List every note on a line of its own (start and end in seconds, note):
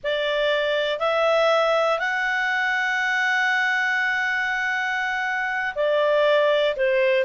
0.03 0.99 D5
0.99 1.99 E5
1.99 5.74 F#5
5.75 6.75 D5
6.76 7.25 C5